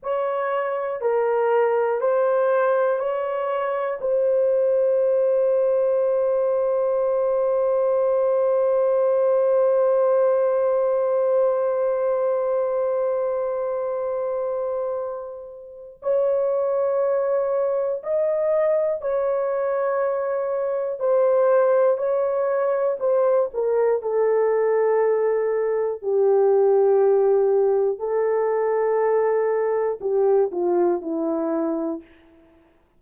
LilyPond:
\new Staff \with { instrumentName = "horn" } { \time 4/4 \tempo 4 = 60 cis''4 ais'4 c''4 cis''4 | c''1~ | c''1~ | c''1 |
cis''2 dis''4 cis''4~ | cis''4 c''4 cis''4 c''8 ais'8 | a'2 g'2 | a'2 g'8 f'8 e'4 | }